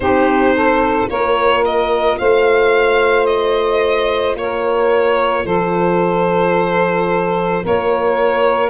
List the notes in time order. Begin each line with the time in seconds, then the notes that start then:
0.00 C4 D#4 G4 C5
0.54 A4
1.09 A#3 F4 A#4 C#5
1.65 D#5
2.18 A3 C5 F5
3.25 D#5
4.35 A#3 A#4 C#5
5.44 F3 A4 C5
7.62 A#3 A#4 C#5